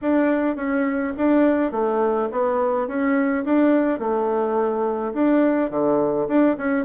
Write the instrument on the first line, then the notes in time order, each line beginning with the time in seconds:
bassoon
0.01 D4
0.56 C#4
1.17 D4
1.71 A3
2.31 B3
2.87 C#4
3.44 D4
3.99 A3
5.13 D4
5.70 D3
6.28 D4
6.57 C#4